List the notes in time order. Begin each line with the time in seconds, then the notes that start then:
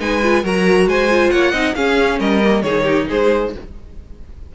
0.00 G#3 D#4 B4 G#5
0.23 F4
0.44 F#3 F#4 A#4 A#5
0.86 G#3 C5 G#5
1.10 F4
1.31 A#3 C#5 F#5
1.52 C4 D#4 D#5
1.75 C#4 G#4 F5
2.20 G3 A#4 D#5
2.43 A#3
2.62 D#3 D#4 G#4 C#5
2.84 G4
3.09 G#3 G#4 C5